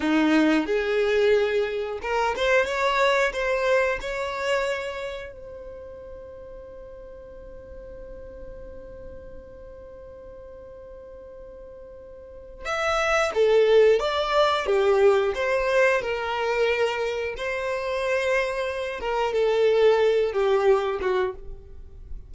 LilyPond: \new Staff \with { instrumentName = "violin" } { \time 4/4 \tempo 4 = 90 dis'4 gis'2 ais'8 c''8 | cis''4 c''4 cis''2 | c''1~ | c''1~ |
c''2. e''4 | a'4 d''4 g'4 c''4 | ais'2 c''2~ | c''8 ais'8 a'4. g'4 fis'8 | }